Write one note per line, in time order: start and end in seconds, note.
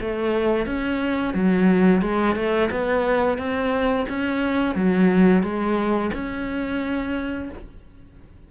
0.00 0.66 A3
0.66 1.34 C#4
1.34 2.02 F#3
2.02 2.36 G#3
2.36 2.70 A3
2.71 3.38 B3
3.38 4.06 C4
4.09 4.75 C#4
4.75 5.43 F#3
5.43 6.11 G#3
6.14 7.50 C#4